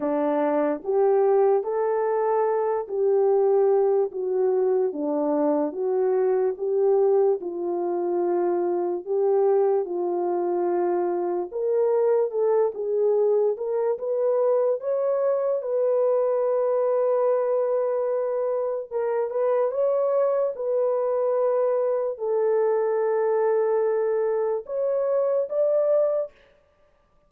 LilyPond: \new Staff \with { instrumentName = "horn" } { \time 4/4 \tempo 4 = 73 d'4 g'4 a'4. g'8~ | g'4 fis'4 d'4 fis'4 | g'4 f'2 g'4 | f'2 ais'4 a'8 gis'8~ |
gis'8 ais'8 b'4 cis''4 b'4~ | b'2. ais'8 b'8 | cis''4 b'2 a'4~ | a'2 cis''4 d''4 | }